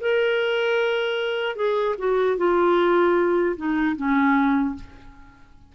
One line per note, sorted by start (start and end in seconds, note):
0.00 1.55 A#4
1.55 1.95 G#4
1.98 2.37 F#4
2.37 3.55 F4
3.56 3.95 D#4
3.96 4.75 C#4